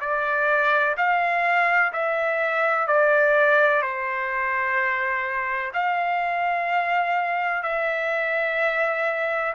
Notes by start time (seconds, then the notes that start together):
0.00 D5
0.97 F5
1.93 E5
2.87 D5
3.82 C5
5.73 F5
7.63 E5